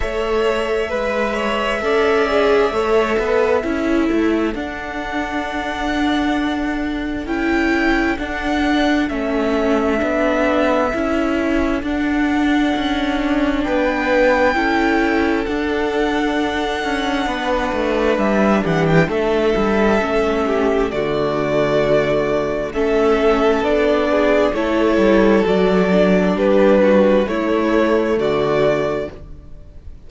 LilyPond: <<
  \new Staff \with { instrumentName = "violin" } { \time 4/4 \tempo 4 = 66 e''1~ | e''4 fis''2. | g''4 fis''4 e''2~ | e''4 fis''2 g''4~ |
g''4 fis''2. | e''8 fis''16 g''16 e''2 d''4~ | d''4 e''4 d''4 cis''4 | d''4 b'4 cis''4 d''4 | }
  \new Staff \with { instrumentName = "violin" } { \time 4/4 cis''4 b'8 cis''8 d''4 cis''8 b'8 | a'1~ | a'1~ | a'2. b'4 |
a'2. b'4~ | b'8 g'8 a'4. g'8 fis'4~ | fis'4 a'4. gis'8 a'4~ | a'4 g'8 fis'8 e'4 fis'4 | }
  \new Staff \with { instrumentName = "viola" } { \time 4/4 a'4 b'4 a'8 gis'8 a'4 | e'4 d'2. | e'4 d'4 cis'4 d'4 | e'4 d'2. |
e'4 d'2.~ | d'2 cis'4 a4~ | a4 cis'4 d'4 e'4 | fis'8 d'4. a2 | }
  \new Staff \with { instrumentName = "cello" } { \time 4/4 a4 gis4 cis'4 a8 b8 | cis'8 a8 d'2. | cis'4 d'4 a4 b4 | cis'4 d'4 cis'4 b4 |
cis'4 d'4. cis'8 b8 a8 | g8 e8 a8 g8 a4 d4~ | d4 a4 b4 a8 g8 | fis4 g4 a4 d4 | }
>>